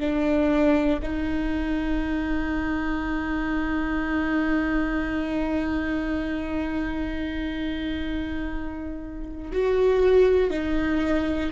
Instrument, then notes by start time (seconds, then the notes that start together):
viola
0.00 D4
1.02 D#4
9.52 F#4
10.50 D#4